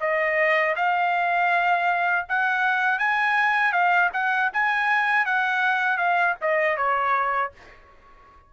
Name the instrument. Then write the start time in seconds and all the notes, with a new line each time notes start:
trumpet
0.00 D#5
0.76 F5
2.28 F#5
2.98 G#5
3.72 F5
4.13 F#5
4.53 G#5
5.25 F#5
5.97 F5
6.41 D#5
6.76 C#5